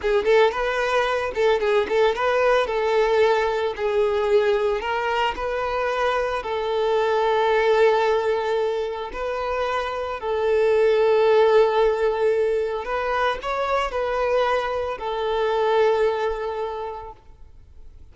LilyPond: \new Staff \with { instrumentName = "violin" } { \time 4/4 \tempo 4 = 112 gis'8 a'8 b'4. a'8 gis'8 a'8 | b'4 a'2 gis'4~ | gis'4 ais'4 b'2 | a'1~ |
a'4 b'2 a'4~ | a'1 | b'4 cis''4 b'2 | a'1 | }